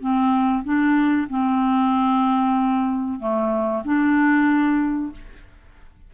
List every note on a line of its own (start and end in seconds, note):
0.00 0.64 C4
0.64 1.28 D4
1.30 3.19 C4
3.19 3.83 A3
3.84 5.12 D4